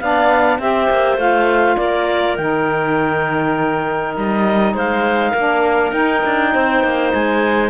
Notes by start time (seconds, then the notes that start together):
0.00 B3 D4 D5 F5
0.59 C4 G4 C5 E5
0.90 A#3
1.17 A3 F4 F5
1.77 A#3 A#4 D5
2.37 D#3 D#4 G5
4.16 G3 D#5
4.74 G#3 C5 F5
5.31 A#3 D4 A#4
5.92 D#4 G5
6.25 D4
6.53 C4 C5
6.84 A#3
7.13 G#3 G#5